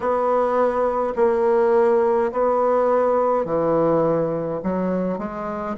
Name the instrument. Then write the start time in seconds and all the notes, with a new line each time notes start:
bassoon
0.00 B3
1.15 A#3
2.31 B3
3.45 E3
4.63 F#3
5.18 G#3